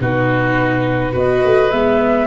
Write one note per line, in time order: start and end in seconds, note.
0.00 1.14 B2
0.00 1.12 D#4
0.00 1.13 F#4
0.00 1.16 B4
1.12 1.43 B3
1.12 1.70 F#4
1.12 2.27 B4
1.12 1.71 D#5
1.44 1.71 A3
1.71 2.27 G#3
1.71 2.27 B3
1.71 2.27 E5